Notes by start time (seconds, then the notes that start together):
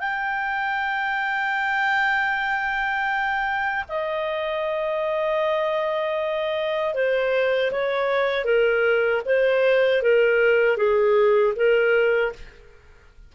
0.00 G5
3.89 D#5
6.94 C5
7.72 C#5
8.45 A#4
9.26 C5
10.02 A#4
10.77 G#4
11.56 A#4